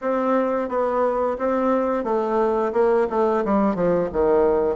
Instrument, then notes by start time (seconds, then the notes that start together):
bassoon
0.01 C4
0.68 B3
1.38 C4
2.04 A3
2.73 A#3
3.10 A3
3.44 G3
3.75 F3
4.12 D#3